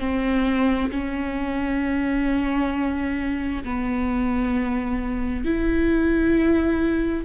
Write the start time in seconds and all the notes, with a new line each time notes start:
0.00 C4
0.91 C#4
3.64 B3
5.45 E4